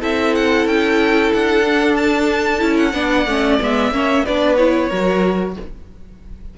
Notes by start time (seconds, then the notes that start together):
0.00 C4 E4 A4 E5
0.35 F#5
0.66 C#4 G5
1.34 D4 F#5
1.64 D4
1.96 A5
2.59 C#4 E4
2.77 F#5
2.93 B3 D4 D5
3.26 A3 C#4
3.60 G#3 B3 E5
3.91 A#3 C#4 C#5
4.25 B3 D4 B4 D5
4.56 E4 C#5
4.88 F#3 F#4 A#4